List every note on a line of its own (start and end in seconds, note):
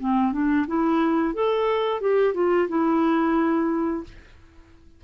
0.00 0.33 C4
0.33 0.66 D4
0.68 1.35 E4
1.35 2.01 A4
2.01 2.35 G4
2.35 2.68 F4
2.69 4.04 E4